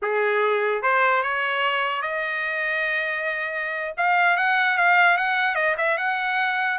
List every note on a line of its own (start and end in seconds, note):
0.01 0.82 G#4
0.82 1.22 C5
1.22 2.01 C#5
2.01 3.94 D#5
3.97 4.37 F5
4.37 4.77 F#5
4.77 5.17 F5
5.17 5.55 F#5
5.55 5.75 D#5
5.77 5.97 E5
5.97 6.78 F#5